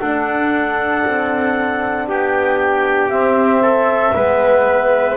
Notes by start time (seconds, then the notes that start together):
0.00 D4 A4 F#5
1.05 C4
2.07 B3 G4 G5
3.09 C4 E5
3.62 A4
4.15 G#3 B3 B4